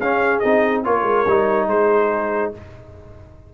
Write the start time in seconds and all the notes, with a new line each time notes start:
0.00 C#4 G#4 F5
0.40 C4 D#4 D#5
0.85 A#3 F4 A#4 C#5
1.03 G#3
1.27 G3 D#4
1.68 G#3 G#4 C5